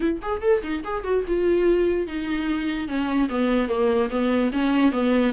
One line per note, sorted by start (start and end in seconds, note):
0.00 0.19 E4
0.22 0.41 G#4
0.41 0.62 A4
0.63 0.83 D#4
0.83 1.04 G#4
1.04 1.24 F#4
1.27 2.07 F4
2.07 2.87 D#4
2.87 3.29 C#4
3.29 3.68 B3
3.68 4.09 A#3
4.10 4.51 B3
4.52 4.91 C#4
4.91 5.32 B3